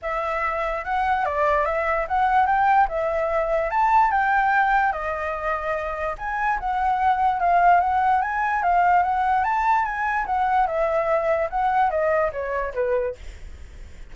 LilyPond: \new Staff \with { instrumentName = "flute" } { \time 4/4 \tempo 4 = 146 e''2 fis''4 d''4 | e''4 fis''4 g''4 e''4~ | e''4 a''4 g''2 | dis''2. gis''4 |
fis''2 f''4 fis''4 | gis''4 f''4 fis''4 a''4 | gis''4 fis''4 e''2 | fis''4 dis''4 cis''4 b'4 | }